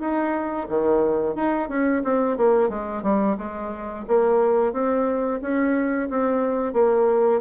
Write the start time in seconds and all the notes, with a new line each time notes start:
0.00 D#4
0.69 D#3
1.35 D#4
1.69 C#4
2.04 C4
2.37 A#3
2.69 G#3
3.03 G3
3.38 G#3
4.08 A#3
4.73 C4
5.42 C#4
6.10 C4
6.74 A#3